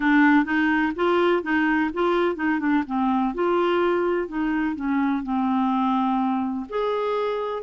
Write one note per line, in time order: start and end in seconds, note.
0.00 0.44 D4
0.44 0.92 D#4
0.95 1.42 F4
1.42 1.90 D#4
1.93 2.35 F4
2.35 2.59 D#4
2.59 2.83 D4
2.86 3.34 C4
3.34 4.27 F4
4.27 4.75 D#4
4.75 5.23 C#4
5.23 6.66 C4
6.69 7.62 G#4